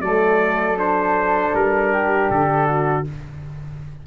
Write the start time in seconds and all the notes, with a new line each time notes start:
0.00 F#3 A3 A4 D5
0.76 D4 C5
1.54 G3 A#4
1.92 G4
2.30 D3 A4
2.66 F#4